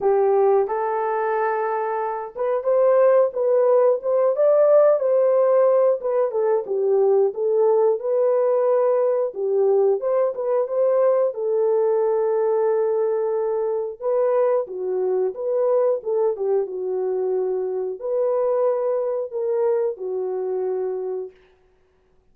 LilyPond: \new Staff \with { instrumentName = "horn" } { \time 4/4 \tempo 4 = 90 g'4 a'2~ a'8 b'8 | c''4 b'4 c''8 d''4 c''8~ | c''4 b'8 a'8 g'4 a'4 | b'2 g'4 c''8 b'8 |
c''4 a'2.~ | a'4 b'4 fis'4 b'4 | a'8 g'8 fis'2 b'4~ | b'4 ais'4 fis'2 | }